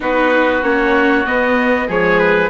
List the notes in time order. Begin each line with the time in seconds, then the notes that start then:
0.00 B3 D#4 F#4 B4
0.62 A#3 C#4 C#5
1.26 B3 D#5
1.87 F3 G#3 G#4 C#5
2.18 B4